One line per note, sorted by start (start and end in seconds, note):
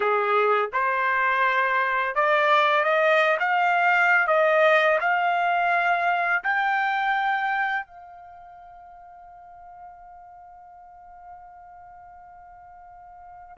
0.00 0.69 G#4
0.72 2.15 C5
2.15 2.84 D5
2.84 3.37 D#5
3.39 4.27 F5
4.27 4.98 D#5
5.00 6.43 F5
6.43 7.86 G5
7.86 13.57 F5